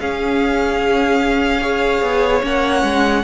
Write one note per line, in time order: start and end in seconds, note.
0.00 1.61 C#4
0.00 2.02 C#4
0.00 1.62 G#4
0.00 2.44 F5
1.61 2.43 G#4
1.61 3.24 C#5
2.02 2.43 B3
2.43 2.83 A#3
2.43 3.24 C#4
2.43 3.25 F#5
2.83 3.24 G#3